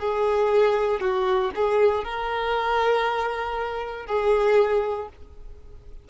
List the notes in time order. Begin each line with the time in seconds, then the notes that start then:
0.00 G#4
1.01 F#4
1.55 G#4
2.04 A#4
4.07 G#4